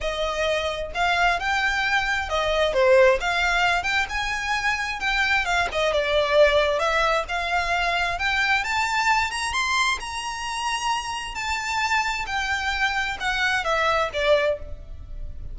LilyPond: \new Staff \with { instrumentName = "violin" } { \time 4/4 \tempo 4 = 132 dis''2 f''4 g''4~ | g''4 dis''4 c''4 f''4~ | f''8 g''8 gis''2 g''4 | f''8 dis''8 d''2 e''4 |
f''2 g''4 a''4~ | a''8 ais''8 c'''4 ais''2~ | ais''4 a''2 g''4~ | g''4 fis''4 e''4 d''4 | }